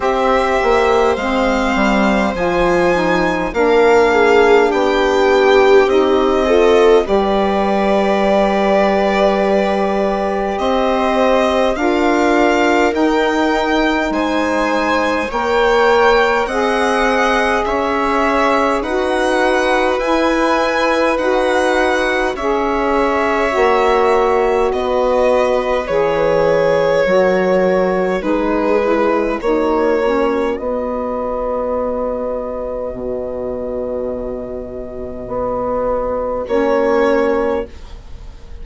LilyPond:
<<
  \new Staff \with { instrumentName = "violin" } { \time 4/4 \tempo 4 = 51 e''4 f''4 gis''4 f''4 | g''4 dis''4 d''2~ | d''4 dis''4 f''4 g''4 | gis''4 g''4 fis''4 e''4 |
fis''4 gis''4 fis''4 e''4~ | e''4 dis''4 cis''2 | b'4 cis''4 dis''2~ | dis''2. cis''4 | }
  \new Staff \with { instrumentName = "viola" } { \time 4/4 c''2. ais'8 gis'8 | g'4. a'8 b'2~ | b'4 c''4 ais'2 | c''4 cis''4 dis''4 cis''4 |
b'2. cis''4~ | cis''4 b'2 ais'4 | gis'4 fis'2.~ | fis'1 | }
  \new Staff \with { instrumentName = "saxophone" } { \time 4/4 g'4 c'4 f'8 dis'8 d'4~ | d'4 dis'8 f'8 g'2~ | g'2 f'4 dis'4~ | dis'4 ais'4 gis'2 |
fis'4 e'4 fis'4 gis'4 | fis'2 gis'4 fis'4 | dis'8 e'8 dis'8 cis'8 b2~ | b2. cis'4 | }
  \new Staff \with { instrumentName = "bassoon" } { \time 4/4 c'8 ais8 gis8 g8 f4 ais4 | b4 c'4 g2~ | g4 c'4 d'4 dis'4 | gis4 ais4 c'4 cis'4 |
dis'4 e'4 dis'4 cis'4 | ais4 b4 e4 fis4 | gis4 ais4 b2 | b,2 b4 ais4 | }
>>